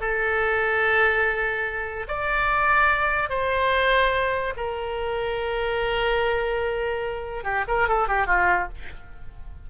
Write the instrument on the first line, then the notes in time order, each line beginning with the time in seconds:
oboe
0.00 A4
2.08 D5
3.29 C5
4.56 A#4
7.44 G4
7.67 A#4
7.88 A4
8.08 G4
8.26 F4